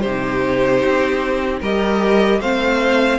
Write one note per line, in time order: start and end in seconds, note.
0.00 0.84 C3
0.00 1.60 G4
0.00 1.58 C5
0.06 1.63 D#4
0.84 1.61 C4
1.60 2.40 G3
1.60 2.42 G4
1.60 2.39 A#4
1.60 2.41 D#5
2.40 3.18 A3
2.40 3.18 C4
2.40 3.18 C5
2.40 3.18 F5